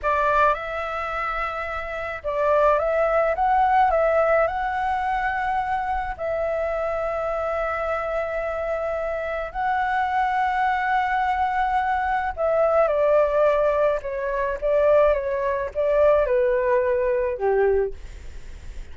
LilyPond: \new Staff \with { instrumentName = "flute" } { \time 4/4 \tempo 4 = 107 d''4 e''2. | d''4 e''4 fis''4 e''4 | fis''2. e''4~ | e''1~ |
e''4 fis''2.~ | fis''2 e''4 d''4~ | d''4 cis''4 d''4 cis''4 | d''4 b'2 g'4 | }